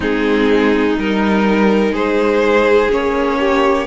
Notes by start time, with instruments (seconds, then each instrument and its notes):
0.00 cello G#3, viola C4, violin D#4 G#4
0.98 cello G3, viola D#4, violin A#4
1.91 cello G#3, violin G#4 C5
2.90 cello A#3, viola C#4, violin C#5
3.39 violin G4